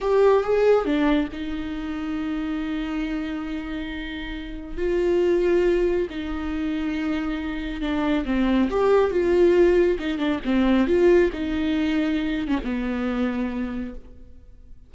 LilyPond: \new Staff \with { instrumentName = "viola" } { \time 4/4 \tempo 4 = 138 g'4 gis'4 d'4 dis'4~ | dis'1~ | dis'2. f'4~ | f'2 dis'2~ |
dis'2 d'4 c'4 | g'4 f'2 dis'8 d'8 | c'4 f'4 dis'2~ | dis'8. cis'16 b2. | }